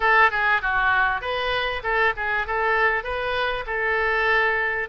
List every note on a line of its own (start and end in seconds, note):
0.00 0.30 A4
0.31 0.61 G#4
0.61 1.21 F#4
1.21 1.82 B4
1.83 2.13 A4
2.16 2.46 G#4
2.46 3.03 A4
3.03 3.64 B4
3.66 4.88 A4